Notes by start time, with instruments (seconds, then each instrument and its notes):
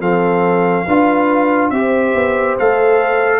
0.00 tuba F3, trombone C4, horn A4, trumpet F5
0.86 tuba D4, trombone F4, horn B4
1.70 tuba C4, trombone G4, horn C5, trumpet E5
2.15 tuba B3
2.59 tuba A3, trombone A4, trumpet F5